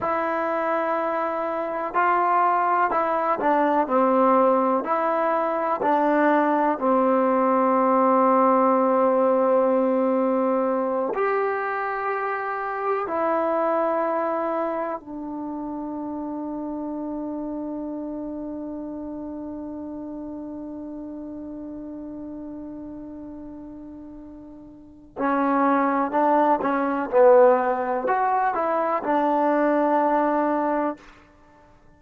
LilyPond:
\new Staff \with { instrumentName = "trombone" } { \time 4/4 \tempo 4 = 62 e'2 f'4 e'8 d'8 | c'4 e'4 d'4 c'4~ | c'2.~ c'8 g'8~ | g'4. e'2 d'8~ |
d'1~ | d'1~ | d'2 cis'4 d'8 cis'8 | b4 fis'8 e'8 d'2 | }